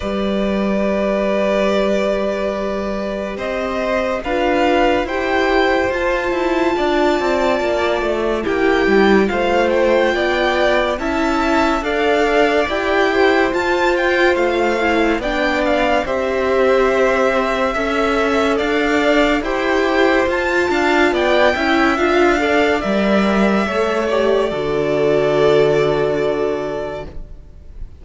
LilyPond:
<<
  \new Staff \with { instrumentName = "violin" } { \time 4/4 \tempo 4 = 71 d''1 | dis''4 f''4 g''4 a''4~ | a''2 g''4 f''8 g''8~ | g''4 a''4 f''4 g''4 |
a''8 g''8 f''4 g''8 f''8 e''4~ | e''2 f''4 g''4 | a''4 g''4 f''4 e''4~ | e''8 d''2.~ d''8 | }
  \new Staff \with { instrumentName = "violin" } { \time 4/4 b'1 | c''4 b'4 c''2 | d''2 g'4 c''4 | d''4 e''4 d''4. c''8~ |
c''2 d''4 c''4~ | c''4 e''4 d''4 c''4~ | c''8 f''8 d''8 e''4 d''4. | cis''4 a'2. | }
  \new Staff \with { instrumentName = "viola" } { \time 4/4 g'1~ | g'4 f'4 g'4 f'4~ | f'2 e'4 f'4~ | f'4 e'4 a'4 g'4 |
f'4. e'8 d'4 g'4~ | g'4 a'2 g'4 | f'4. e'8 f'8 a'8 ais'4 | a'8 g'8 fis'2. | }
  \new Staff \with { instrumentName = "cello" } { \time 4/4 g1 | c'4 d'4 e'4 f'8 e'8 | d'8 c'8 ais8 a8 ais8 g8 a4 | b4 cis'4 d'4 e'4 |
f'4 a4 b4 c'4~ | c'4 cis'4 d'4 e'4 | f'8 d'8 b8 cis'8 d'4 g4 | a4 d2. | }
>>